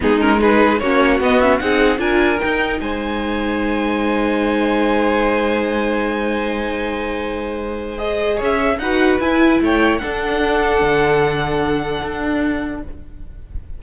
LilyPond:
<<
  \new Staff \with { instrumentName = "violin" } { \time 4/4 \tempo 4 = 150 gis'8 ais'8 b'4 cis''4 dis''8 e''8 | fis''4 gis''4 g''4 gis''4~ | gis''1~ | gis''1~ |
gis''1 | dis''4 e''4 fis''4 gis''4 | g''4 fis''2.~ | fis''1 | }
  \new Staff \with { instrumentName = "violin" } { \time 4/4 dis'4 gis'4 fis'2 | gis'4 ais'2 c''4~ | c''1~ | c''1~ |
c''1~ | c''4 cis''4 b'2 | cis''4 a'2.~ | a'1 | }
  \new Staff \with { instrumentName = "viola" } { \time 4/4 b8 cis'8 dis'4 cis'4 b8 cis'8 | dis'4 f'4 dis'2~ | dis'1~ | dis'1~ |
dis'1 | gis'2 fis'4 e'4~ | e'4 d'2.~ | d'1 | }
  \new Staff \with { instrumentName = "cello" } { \time 4/4 gis2 ais4 b4 | c'4 d'4 dis'4 gis4~ | gis1~ | gis1~ |
gis1~ | gis4 cis'4 dis'4 e'4 | a4 d'2 d4~ | d2 d'2 | }
>>